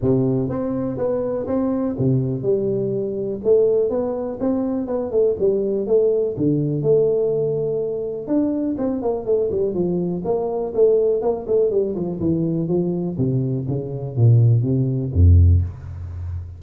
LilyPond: \new Staff \with { instrumentName = "tuba" } { \time 4/4 \tempo 4 = 123 c4 c'4 b4 c'4 | c4 g2 a4 | b4 c'4 b8 a8 g4 | a4 d4 a2~ |
a4 d'4 c'8 ais8 a8 g8 | f4 ais4 a4 ais8 a8 | g8 f8 e4 f4 c4 | cis4 ais,4 c4 f,4 | }